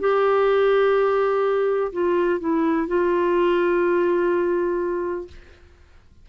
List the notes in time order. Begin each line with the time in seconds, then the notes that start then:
0.00 G4
1.93 F4
2.40 E4
2.87 F4